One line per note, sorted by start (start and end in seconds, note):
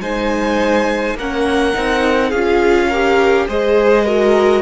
0.00 1.15 G#3
0.00 1.17 D#4
0.00 1.17 C5
0.00 1.16 G#5
1.15 1.73 A#3
1.15 1.74 C#4
1.15 2.29 A#4
1.15 2.30 F#5
1.74 2.32 C4
1.74 2.31 D#4
2.29 3.48 C#4
2.29 2.93 F4
2.29 2.87 G#4
2.29 3.46 F5
2.89 3.48 G4
2.89 3.46 A#4
3.48 4.62 G#3
3.48 4.06 G#4
3.48 4.05 C5
3.48 4.62 D#5
4.05 4.62 F#4
4.05 4.62 A#4